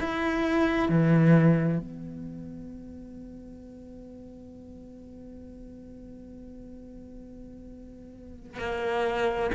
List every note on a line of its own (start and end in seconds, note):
0.00 0.88 E4
0.88 1.79 E3
1.79 8.59 B3
8.59 9.50 A#3